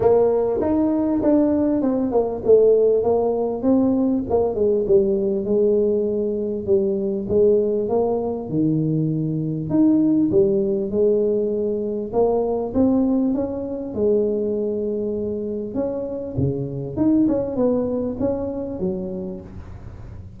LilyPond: \new Staff \with { instrumentName = "tuba" } { \time 4/4 \tempo 4 = 99 ais4 dis'4 d'4 c'8 ais8 | a4 ais4 c'4 ais8 gis8 | g4 gis2 g4 | gis4 ais4 dis2 |
dis'4 g4 gis2 | ais4 c'4 cis'4 gis4~ | gis2 cis'4 cis4 | dis'8 cis'8 b4 cis'4 fis4 | }